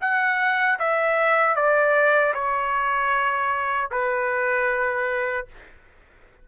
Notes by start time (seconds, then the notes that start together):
0.00 F#5
0.79 E5
1.55 D5
2.34 C#5
3.91 B4